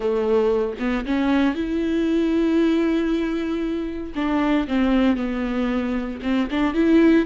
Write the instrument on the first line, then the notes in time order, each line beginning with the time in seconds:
viola
0.00 A3
0.79 B3
1.05 C#4
1.54 E4
4.15 D4
4.67 C4
5.16 B3
6.22 C4
6.50 D4
6.74 E4